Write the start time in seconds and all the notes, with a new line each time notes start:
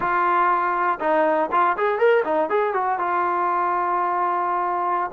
0.00 F4
1.00 D#4
1.51 F4
1.77 G#4
1.98 A#4
2.24 D#4
2.49 G#4
2.73 F#4
2.98 F4